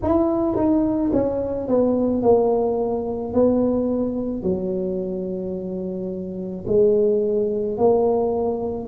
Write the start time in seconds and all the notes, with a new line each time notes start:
0.02 E4
0.56 D#4
1.13 C#4
1.68 B3
2.22 A#3
3.33 B3
4.42 F#3
6.67 G#3
7.77 A#3